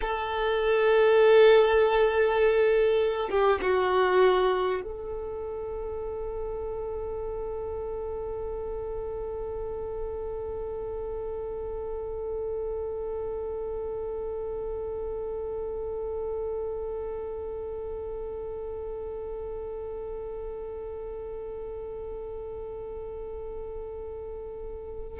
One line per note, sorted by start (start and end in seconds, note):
0.01 3.29 A4
3.29 3.59 G4
3.61 4.81 F#4
4.83 25.19 A4